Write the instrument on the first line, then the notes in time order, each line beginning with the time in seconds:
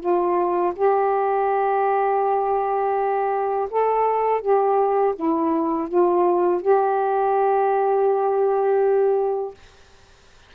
saxophone
0.00 F4
0.76 G4
3.71 A4
4.41 G4
5.16 E4
5.88 F4
6.62 G4